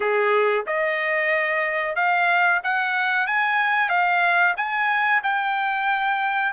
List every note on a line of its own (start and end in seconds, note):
0.00 0.65 G#4
0.66 1.95 D#5
1.95 2.61 F5
2.63 3.26 F#5
3.26 3.89 G#5
3.89 4.54 F5
4.56 5.21 G#5
5.23 6.52 G5